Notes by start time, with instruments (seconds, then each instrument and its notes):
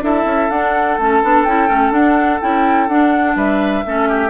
0.00 bassoon D4, clarinet E4, oboe A4, flute E5
0.24 bassoon C#4
0.49 bassoon D4, clarinet D4, flute F#5
0.98 bassoon A3, clarinet C#4, flute A5
1.22 bassoon B3, clarinet D4
1.44 bassoon C#4, clarinet E4, flute G5
1.67 bassoon A3, clarinet C#4
1.90 bassoon D4, clarinet D4, flute F#5
2.40 bassoon C#4, clarinet E4, flute G5
2.88 bassoon D4, clarinet D4, flute F#5
3.35 bassoon G3, oboe B4, flute E5
3.85 bassoon A3, clarinet C#4, oboe A4
4.08 oboe G4